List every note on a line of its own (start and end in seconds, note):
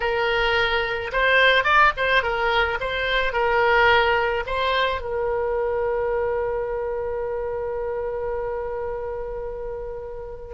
0.00 1.11 A#4
1.12 1.64 C5
1.64 1.92 D5
1.96 2.22 C5
2.22 2.78 A#4
2.80 3.32 C5
3.32 4.43 A#4
4.46 5.01 C5
5.01 10.54 A#4